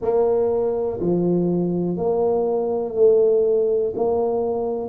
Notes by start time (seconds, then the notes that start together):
0.01 A#3
1.00 F3
1.97 A#3
2.95 A3
3.95 A#3